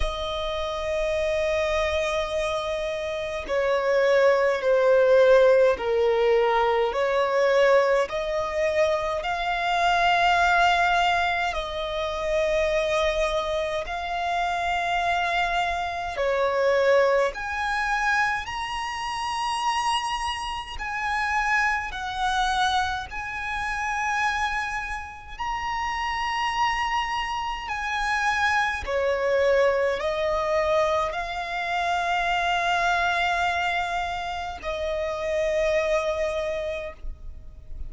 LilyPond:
\new Staff \with { instrumentName = "violin" } { \time 4/4 \tempo 4 = 52 dis''2. cis''4 | c''4 ais'4 cis''4 dis''4 | f''2 dis''2 | f''2 cis''4 gis''4 |
ais''2 gis''4 fis''4 | gis''2 ais''2 | gis''4 cis''4 dis''4 f''4~ | f''2 dis''2 | }